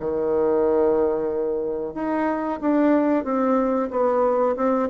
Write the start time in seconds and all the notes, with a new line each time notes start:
0.00 D#3
1.94 D#4
2.61 D4
3.24 C4
3.91 B3
4.57 C4